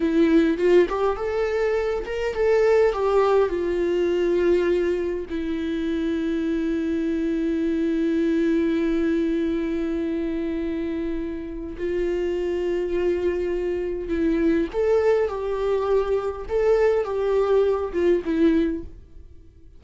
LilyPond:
\new Staff \with { instrumentName = "viola" } { \time 4/4 \tempo 4 = 102 e'4 f'8 g'8 a'4. ais'8 | a'4 g'4 f'2~ | f'4 e'2.~ | e'1~ |
e'1 | f'1 | e'4 a'4 g'2 | a'4 g'4. f'8 e'4 | }